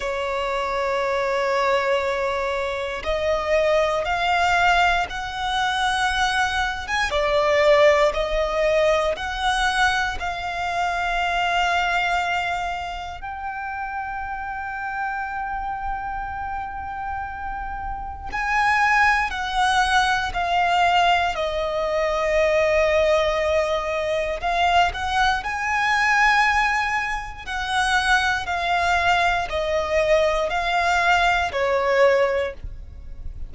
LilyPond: \new Staff \with { instrumentName = "violin" } { \time 4/4 \tempo 4 = 59 cis''2. dis''4 | f''4 fis''4.~ fis''16 gis''16 d''4 | dis''4 fis''4 f''2~ | f''4 g''2.~ |
g''2 gis''4 fis''4 | f''4 dis''2. | f''8 fis''8 gis''2 fis''4 | f''4 dis''4 f''4 cis''4 | }